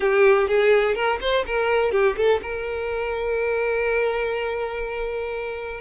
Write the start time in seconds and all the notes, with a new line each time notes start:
0.00 G4
0.48 G#4
0.94 A#4
1.21 C5
1.46 A#4
1.91 G4
2.16 A4
2.41 A#4